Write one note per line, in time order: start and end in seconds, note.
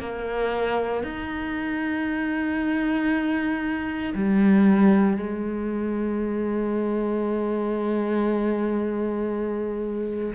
0.00 1.03 A#3
1.03 4.14 D#4
4.14 5.17 G3
5.17 10.34 G#3